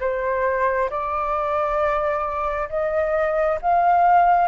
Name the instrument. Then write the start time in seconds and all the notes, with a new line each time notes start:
flute
0.00 C5
0.90 D5
2.69 D#5
3.61 F5